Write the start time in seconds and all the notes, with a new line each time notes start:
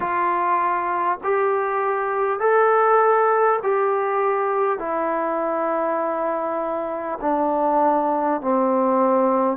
0.00 F4
1.23 G4
2.39 A4
3.62 G4
4.78 E4
7.21 D4
8.41 C4